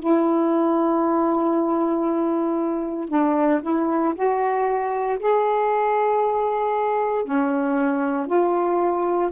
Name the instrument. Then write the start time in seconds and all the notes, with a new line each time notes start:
saxophone
0.00 E4
3.09 D4
3.63 E4
4.16 F#4
5.20 G#4
7.25 C#4
8.27 F4